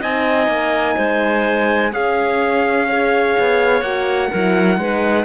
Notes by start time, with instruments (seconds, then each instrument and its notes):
0.00 cello C4, horn D#4, clarinet D#5, trumpet G#5
0.47 cello A#3
0.96 cello G#3, clarinet C5
1.92 horn C#4, cello C#4, clarinet G#4, trumpet F5
2.88 horn G#4, clarinet C#5
3.39 cello B3
3.82 cello A#3, horn F#4, trumpet F#5
4.30 cello F#3, horn E4, clarinet A#4
4.77 cello G#3, horn D#4, clarinet B4